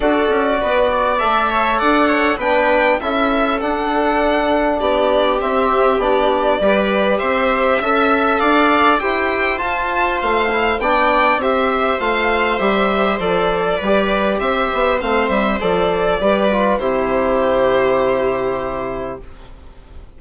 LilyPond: <<
  \new Staff \with { instrumentName = "violin" } { \time 4/4 \tempo 4 = 100 d''2 e''4 fis''4 | g''4 e''4 fis''2 | d''4 e''4 d''2 | e''2 f''4 g''4 |
a''4 f''4 g''4 e''4 | f''4 e''4 d''2 | e''4 f''8 e''8 d''2 | c''1 | }
  \new Staff \with { instrumentName = "viola" } { \time 4/4 a'4 b'8 d''4 cis''8 d''8 cis''8 | b'4 a'2. | g'2. b'4 | c''4 e''4 d''4 c''4~ |
c''2 d''4 c''4~ | c''2. b'4 | c''2. b'4 | g'1 | }
  \new Staff \with { instrumentName = "trombone" } { \time 4/4 fis'2 a'2 | d'4 e'4 d'2~ | d'4 c'4 d'4 g'4~ | g'4 a'2 g'4 |
f'4. e'8 d'4 g'4 | f'4 g'4 a'4 g'4~ | g'4 c'4 a'4 g'8 f'8 | e'1 | }
  \new Staff \with { instrumentName = "bassoon" } { \time 4/4 d'8 cis'8 b4 a4 d'4 | b4 cis'4 d'2 | b4 c'4 b4 g4 | c'4 cis'4 d'4 e'4 |
f'4 a4 b4 c'4 | a4 g4 f4 g4 | c'8 b8 a8 g8 f4 g4 | c1 | }
>>